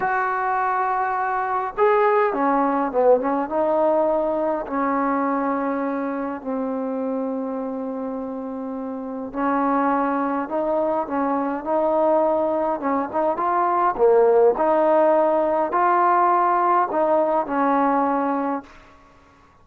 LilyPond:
\new Staff \with { instrumentName = "trombone" } { \time 4/4 \tempo 4 = 103 fis'2. gis'4 | cis'4 b8 cis'8 dis'2 | cis'2. c'4~ | c'1 |
cis'2 dis'4 cis'4 | dis'2 cis'8 dis'8 f'4 | ais4 dis'2 f'4~ | f'4 dis'4 cis'2 | }